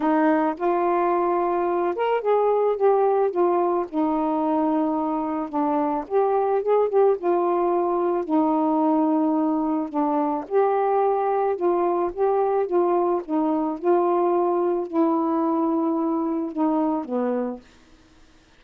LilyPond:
\new Staff \with { instrumentName = "saxophone" } { \time 4/4 \tempo 4 = 109 dis'4 f'2~ f'8 ais'8 | gis'4 g'4 f'4 dis'4~ | dis'2 d'4 g'4 | gis'8 g'8 f'2 dis'4~ |
dis'2 d'4 g'4~ | g'4 f'4 g'4 f'4 | dis'4 f'2 e'4~ | e'2 dis'4 b4 | }